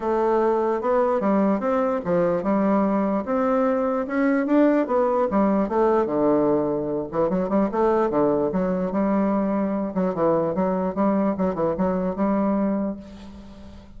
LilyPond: \new Staff \with { instrumentName = "bassoon" } { \time 4/4 \tempo 4 = 148 a2 b4 g4 | c'4 f4 g2 | c'2 cis'4 d'4 | b4 g4 a4 d4~ |
d4. e8 fis8 g8 a4 | d4 fis4 g2~ | g8 fis8 e4 fis4 g4 | fis8 e8 fis4 g2 | }